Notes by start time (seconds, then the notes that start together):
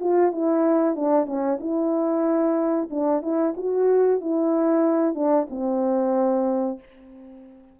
0.00 F4
0.32 E4
0.96 D4
1.26 C#4
1.60 E4
2.90 D4
3.22 E4
3.57 F#4
4.21 E4
5.15 D4
5.50 C4